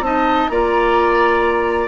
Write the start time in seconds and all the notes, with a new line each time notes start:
0.00 C4 D#4 D#5 A5
0.49 A#3 F4 D5 A#5